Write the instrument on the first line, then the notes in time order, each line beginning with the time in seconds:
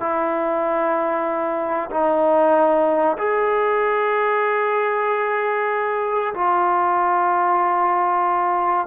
trombone
0.00 E4
1.90 D#4
3.18 G#4
6.34 F4